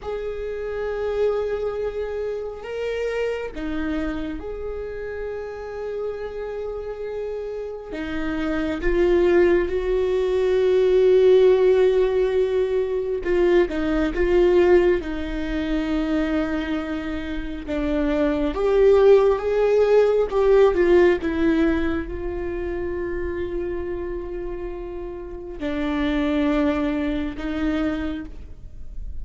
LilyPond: \new Staff \with { instrumentName = "viola" } { \time 4/4 \tempo 4 = 68 gis'2. ais'4 | dis'4 gis'2.~ | gis'4 dis'4 f'4 fis'4~ | fis'2. f'8 dis'8 |
f'4 dis'2. | d'4 g'4 gis'4 g'8 f'8 | e'4 f'2.~ | f'4 d'2 dis'4 | }